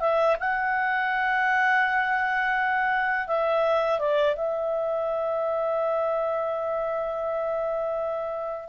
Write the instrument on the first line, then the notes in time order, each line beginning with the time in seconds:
clarinet
0.00 E5
0.39 F#5
3.27 E5
3.99 D5
4.36 E5